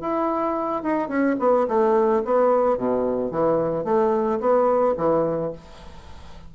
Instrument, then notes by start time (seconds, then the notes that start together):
bassoon
0.00 E4
0.83 D#4
1.08 C#4
1.39 B3
1.68 A3
2.25 B3
2.77 B2
3.31 E3
3.84 A3
4.40 B3
4.97 E3